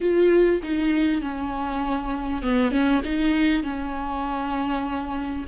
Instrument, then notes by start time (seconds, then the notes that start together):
viola
0.01 F4
0.63 D#4
1.21 C#4
2.42 B3
2.71 C#4
3.04 D#4
3.63 C#4